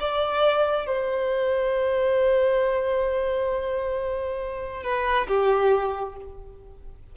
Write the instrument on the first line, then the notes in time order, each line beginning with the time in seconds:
violin
0.00 D5
0.86 C5
4.83 B4
5.27 G4